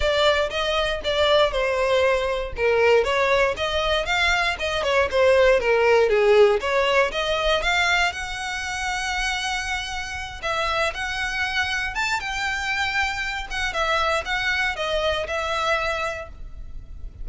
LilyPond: \new Staff \with { instrumentName = "violin" } { \time 4/4 \tempo 4 = 118 d''4 dis''4 d''4 c''4~ | c''4 ais'4 cis''4 dis''4 | f''4 dis''8 cis''8 c''4 ais'4 | gis'4 cis''4 dis''4 f''4 |
fis''1~ | fis''8 e''4 fis''2 a''8 | g''2~ g''8 fis''8 e''4 | fis''4 dis''4 e''2 | }